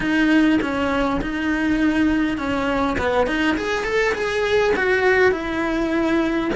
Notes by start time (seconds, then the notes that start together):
0.00 D#4
0.61 C#4
1.21 D#4
2.37 C#4
2.98 B3
3.26 D#4
3.57 G#4
3.84 A4
4.14 G#4
4.76 F#4
5.31 E4